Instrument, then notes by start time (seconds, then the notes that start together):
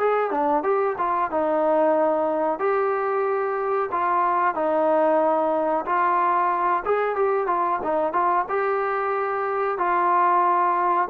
trombone
0.00 G#4
0.31 D4
0.64 G4
0.98 F4
1.31 D#4
2.60 G4
3.92 F4
4.55 D#4
5.86 F4
6.85 G#4
7.16 G4
7.47 F4
7.83 D#4
8.13 F4
8.49 G4
9.79 F4